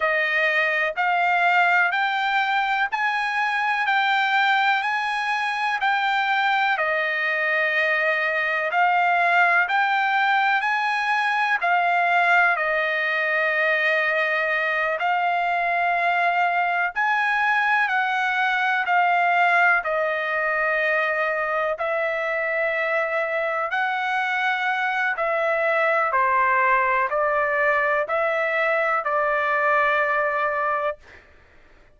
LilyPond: \new Staff \with { instrumentName = "trumpet" } { \time 4/4 \tempo 4 = 62 dis''4 f''4 g''4 gis''4 | g''4 gis''4 g''4 dis''4~ | dis''4 f''4 g''4 gis''4 | f''4 dis''2~ dis''8 f''8~ |
f''4. gis''4 fis''4 f''8~ | f''8 dis''2 e''4.~ | e''8 fis''4. e''4 c''4 | d''4 e''4 d''2 | }